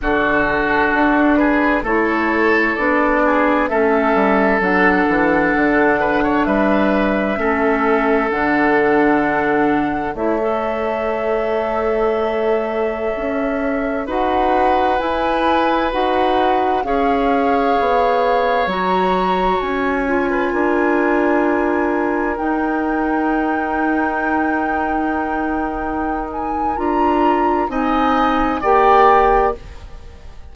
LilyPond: <<
  \new Staff \with { instrumentName = "flute" } { \time 4/4 \tempo 4 = 65 a'4. b'8 cis''4 d''4 | e''4 fis''2 e''4~ | e''4 fis''2 e''4~ | e''2.~ e''16 fis''8.~ |
fis''16 gis''4 fis''4 f''4.~ f''16~ | f''16 ais''4 gis''2~ gis''8.~ | gis''16 g''2.~ g''8.~ | g''8 gis''8 ais''4 gis''4 g''4 | }
  \new Staff \with { instrumentName = "oboe" } { \time 4/4 fis'4. gis'8 a'4. gis'8 | a'2~ a'8 b'16 cis''16 b'4 | a'2. cis''4~ | cis''2.~ cis''16 b'8.~ |
b'2~ b'16 cis''4.~ cis''16~ | cis''2 b'16 ais'4.~ ais'16~ | ais'1~ | ais'2 dis''4 d''4 | }
  \new Staff \with { instrumentName = "clarinet" } { \time 4/4 d'2 e'4 d'4 | cis'4 d'2. | cis'4 d'2 e'16 a'8.~ | a'2.~ a'16 fis'8.~ |
fis'16 e'4 fis'4 gis'4.~ gis'16~ | gis'16 fis'4. f'2~ f'16~ | f'16 dis'2.~ dis'8.~ | dis'4 f'4 dis'4 g'4 | }
  \new Staff \with { instrumentName = "bassoon" } { \time 4/4 d4 d'4 a4 b4 | a8 g8 fis8 e8 d4 g4 | a4 d2 a4~ | a2~ a16 cis'4 dis'8.~ |
dis'16 e'4 dis'4 cis'4 b8.~ | b16 fis4 cis'4 d'4.~ d'16~ | d'16 dis'2.~ dis'8.~ | dis'4 d'4 c'4 ais4 | }
>>